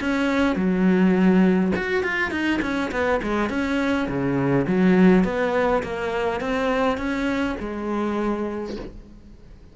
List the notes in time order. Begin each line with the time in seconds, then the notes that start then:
0.00 C#4
0.56 F#3
1.76 F#4
2.03 F4
2.31 D#4
2.62 C#4
2.91 B3
3.22 G#3
3.49 C#4
4.08 C#3
4.67 F#3
5.24 B3
5.83 A#3
6.40 C4
6.97 C#4
7.59 G#3